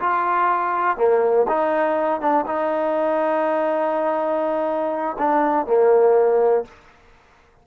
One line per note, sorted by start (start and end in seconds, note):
0.00 0.98 F4
0.98 1.47 A#3
1.49 2.21 D#4
2.21 2.46 D4
2.47 5.17 D#4
5.19 5.67 D4
5.67 6.65 A#3